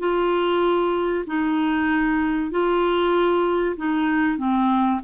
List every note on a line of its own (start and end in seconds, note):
0.00 1.25 F4
1.27 2.51 D#4
2.51 3.76 F4
3.77 4.38 D#4
4.38 5.01 C4